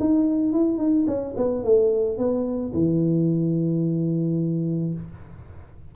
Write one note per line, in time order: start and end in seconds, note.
0.00 0.53 D#4
0.53 0.78 E4
0.78 1.06 D#4
1.07 1.35 C#4
1.37 1.64 B3
1.64 2.18 A3
2.18 2.73 B3
2.74 4.94 E3